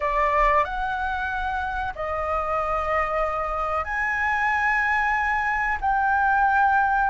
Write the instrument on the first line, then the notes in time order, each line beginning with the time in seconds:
flute
0.00 D5
0.64 F#5
1.95 D#5
3.84 G#5
5.81 G5